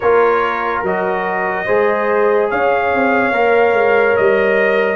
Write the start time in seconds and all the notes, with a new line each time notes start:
0.00 A#3 F4 A#4 C#5
0.82 F#3 F#4 D#5
1.65 G#3 G#4 C5
2.50 C#4 C#5 F5
2.93 C4
3.31 A#3 A#4
3.73 G#3
4.16 G3 D#5